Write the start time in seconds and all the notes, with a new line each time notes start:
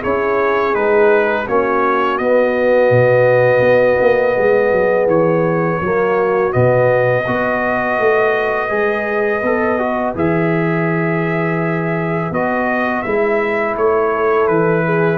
0.00 C#4 E4 G#4 C#5
0.73 G#3 D#4 B4
1.47 A#3 C#4 F#4 C#5
2.17 B3 D#5
2.90 B2
3.60 B3
4.00 A#3
4.37 G#3 G#4
4.71 F#3
5.06 E3 C#5
5.80 F#3 A#3 F#4
6.51 B2 B3 D#5
7.24 B3 F#4 B4
7.99 A3
8.68 G#3 G#4
9.42 B3 A4
9.78 F#4
10.15 E3 G#4 E5
12.30 B3 F#4 D#5
13.02 G#3 E4 E5
13.75 A3 C#5
14.12 A4
14.47 E3 B4
14.85 G#4